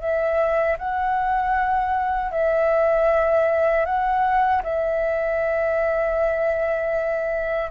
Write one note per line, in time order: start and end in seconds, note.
0.00 0.77 E5
0.78 2.31 F#5
2.31 3.85 E5
3.85 4.62 F#5
4.63 7.70 E5